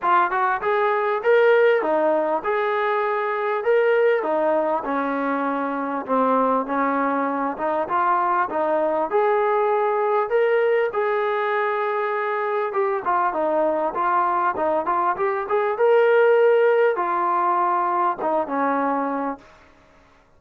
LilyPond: \new Staff \with { instrumentName = "trombone" } { \time 4/4 \tempo 4 = 99 f'8 fis'8 gis'4 ais'4 dis'4 | gis'2 ais'4 dis'4 | cis'2 c'4 cis'4~ | cis'8 dis'8 f'4 dis'4 gis'4~ |
gis'4 ais'4 gis'2~ | gis'4 g'8 f'8 dis'4 f'4 | dis'8 f'8 g'8 gis'8 ais'2 | f'2 dis'8 cis'4. | }